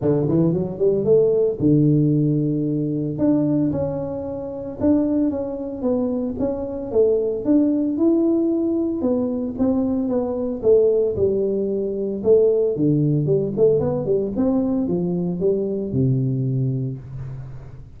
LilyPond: \new Staff \with { instrumentName = "tuba" } { \time 4/4 \tempo 4 = 113 d8 e8 fis8 g8 a4 d4~ | d2 d'4 cis'4~ | cis'4 d'4 cis'4 b4 | cis'4 a4 d'4 e'4~ |
e'4 b4 c'4 b4 | a4 g2 a4 | d4 g8 a8 b8 g8 c'4 | f4 g4 c2 | }